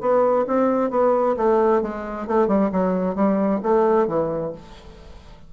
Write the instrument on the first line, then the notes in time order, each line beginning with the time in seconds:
bassoon
0.00 B3
0.47 C4
0.90 B3
1.37 A3
1.82 G#3
2.27 A3
2.47 G3
2.72 F#3
3.15 G3
3.63 A3
4.07 E3